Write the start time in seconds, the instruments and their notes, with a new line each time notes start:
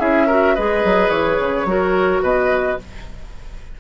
0.00 bassoon C#4, clarinet E4, oboe G#4, flute E5
0.27 clarinet F#4, oboe A#4
0.55 bassoon G#3, clarinet G#4, oboe B4, flute D#5
0.85 bassoon F#3
1.10 bassoon E3, flute C#5
1.40 bassoon C#3
1.66 bassoon F#3, clarinet F#4, oboe A#4
2.22 bassoon B2, oboe B4, flute D#5